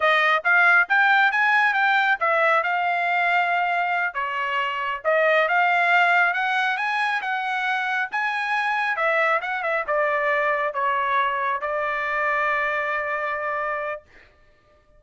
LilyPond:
\new Staff \with { instrumentName = "trumpet" } { \time 4/4 \tempo 4 = 137 dis''4 f''4 g''4 gis''4 | g''4 e''4 f''2~ | f''4. cis''2 dis''8~ | dis''8 f''2 fis''4 gis''8~ |
gis''8 fis''2 gis''4.~ | gis''8 e''4 fis''8 e''8 d''4.~ | d''8 cis''2 d''4.~ | d''1 | }